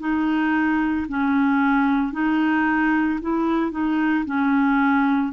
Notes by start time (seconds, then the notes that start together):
0.00 D#4
1.09 C#4
2.13 D#4
3.21 E4
3.72 D#4
4.26 C#4